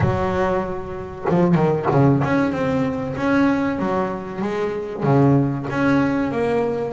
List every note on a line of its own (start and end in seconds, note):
0.00 1.25 F#3
1.29 1.54 F3
1.54 1.86 D#3
1.91 2.22 C#3
2.23 2.52 C#4
2.52 3.15 C4
3.16 3.78 C#4
3.78 4.41 F#3
4.41 5.03 G#3
5.03 5.66 C#3
5.70 6.31 C#4
6.31 6.93 A#3